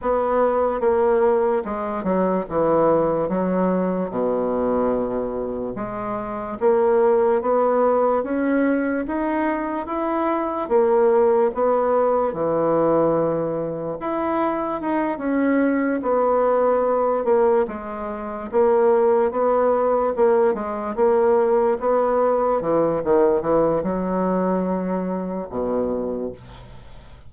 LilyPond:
\new Staff \with { instrumentName = "bassoon" } { \time 4/4 \tempo 4 = 73 b4 ais4 gis8 fis8 e4 | fis4 b,2 gis4 | ais4 b4 cis'4 dis'4 | e'4 ais4 b4 e4~ |
e4 e'4 dis'8 cis'4 b8~ | b4 ais8 gis4 ais4 b8~ | b8 ais8 gis8 ais4 b4 e8 | dis8 e8 fis2 b,4 | }